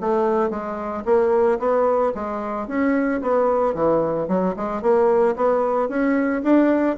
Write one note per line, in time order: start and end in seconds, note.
0.00 0.50 A3
0.50 1.03 G#3
1.05 1.59 A#3
1.59 2.13 B3
2.15 2.67 G#3
2.67 3.21 C#4
3.21 3.74 B3
3.74 4.28 E3
4.28 4.55 F#3
4.56 4.82 G#3
4.82 5.35 A#3
5.36 5.89 B3
5.89 6.42 C#4
6.43 6.96 D4